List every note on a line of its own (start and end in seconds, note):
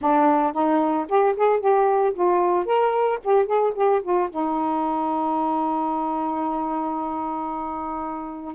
0.01 0.52 D4
0.52 1.06 D#4
1.09 1.35 G4
1.36 1.60 G#4
1.60 2.13 G4
2.14 2.65 F4
2.65 3.19 A#4
3.24 3.46 G4
3.46 3.72 G#4
3.74 4.01 G4
4.02 4.29 F4
4.30 8.55 D#4